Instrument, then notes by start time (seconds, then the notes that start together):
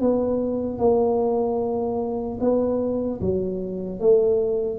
tuba
0.00 B3
0.78 A#3
2.40 B3
3.20 F#3
4.00 A3